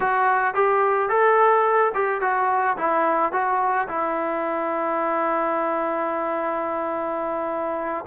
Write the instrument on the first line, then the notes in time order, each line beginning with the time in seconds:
trombone
0.00 F#4
0.54 G4
1.09 A4
1.94 G4
2.21 F#4
2.77 E4
3.32 F#4
3.88 E4